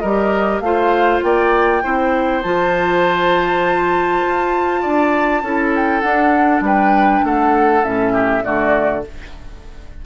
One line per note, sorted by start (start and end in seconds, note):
0.00 0.60 G3
0.00 0.65 G4
0.00 0.62 A#4
0.00 0.60 D#5
0.60 1.21 A3
0.60 1.83 F4
0.60 1.25 C5
0.60 1.21 F5
1.23 1.83 A#3
1.23 1.84 D5
1.23 2.43 G5
1.83 2.45 C4
1.83 2.43 E4
1.83 4.82 C5
2.43 4.25 F3
2.43 5.44 F4
2.43 5.73 A5
4.27 4.85 F4
4.82 5.42 D4
4.82 5.42 D5
5.42 6.03 C#4
5.42 6.03 E4
5.42 6.64 A4
5.76 6.01 G5
6.01 7.83 D4
6.01 6.61 D4
6.01 6.61 F#5
6.61 7.21 G3
6.61 7.25 B4
6.61 7.25 G5
7.24 7.84 A3
7.24 8.13 A4
7.24 7.85 F#5
7.83 8.45 A2
7.83 8.42 C#4
7.83 8.45 E5
8.13 8.43 G4
8.42 9.06 D3
8.42 9.02 A3
8.42 9.05 F#4
8.42 9.04 D5